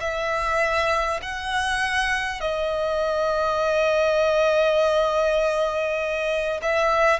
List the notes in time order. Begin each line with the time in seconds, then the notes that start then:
0.00 E5
1.22 F#5
2.41 D#5
6.62 E5